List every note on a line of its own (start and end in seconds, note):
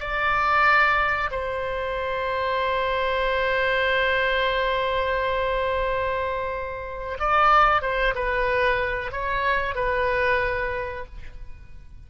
0.00 1.30 D5
1.31 7.18 C5
7.19 7.82 D5
7.82 8.14 C5
8.15 9.12 B4
9.12 9.75 C#5
9.75 11.05 B4